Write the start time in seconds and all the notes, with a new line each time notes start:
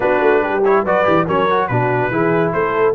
0.00 B3 D4 F#4 B4
0.21 A3
0.41 G3 G4
0.64 E4 C#5
0.83 F#3 F#4 B4 D5
1.04 E3 G4
1.26 F#3 C#4 A#4 C#5
1.50 F#4
1.67 B2 D4 F#4 B4
2.10 E3 E4 G#4
2.52 A3 A4 C5